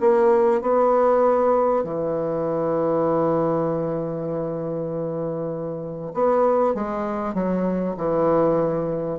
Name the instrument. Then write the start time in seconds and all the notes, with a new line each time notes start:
bassoon
0.00 A#3
0.61 B3
1.84 E3
6.14 B3
6.74 G#3
7.34 F#3
7.96 E3